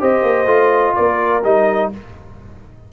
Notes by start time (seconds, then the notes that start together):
0.00 C4 G4 C5 D#5
0.23 A#3
0.46 A3 F4
0.95 A#3 A#4 D5
1.44 G3 D#4 D#5